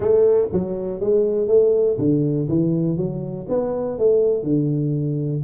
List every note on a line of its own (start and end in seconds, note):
0.00 0.47 A3
0.52 1.00 F#3
1.00 1.47 G#3
1.47 1.97 A3
1.98 2.47 D3
2.48 2.97 E3
2.97 3.46 F#3
3.48 3.98 B3
3.98 4.43 A3
4.43 5.42 D3